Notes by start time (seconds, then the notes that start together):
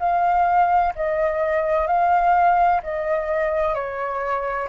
0.00 F5
0.96 D#5
1.87 F5
2.83 D#5
3.75 C#5